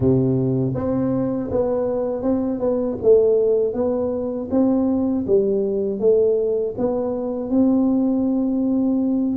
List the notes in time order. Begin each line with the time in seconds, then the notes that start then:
0.00 C3
0.75 C4
1.51 B3
2.22 C4
2.59 B3
3.02 A3
3.73 B3
4.50 C4
5.26 G3
5.99 A3
6.77 B3
7.50 C4